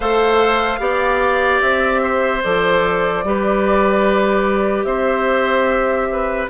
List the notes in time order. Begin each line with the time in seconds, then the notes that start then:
0.00 A3 A4 C5 F5
0.79 B3 G4 D5
1.61 C4 E5
2.02 C5
2.43 F3 A4 D5
3.23 G3 G4 B4
4.84 C4 C5 E5
6.11 B4